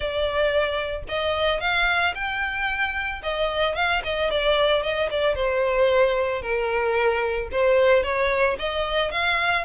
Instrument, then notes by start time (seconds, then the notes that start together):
violin
0.00 D5
1.08 D#5
1.60 F5
2.15 G5
3.22 D#5
3.75 F5
4.03 D#5
4.31 D5
4.83 D#5
5.10 D5
5.35 C5
6.41 A#4
7.51 C5
8.03 C#5
8.59 D#5
9.11 F5